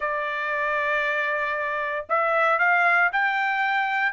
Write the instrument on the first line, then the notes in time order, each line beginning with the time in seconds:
trumpet
0.00 D5
2.09 E5
2.58 F5
3.12 G5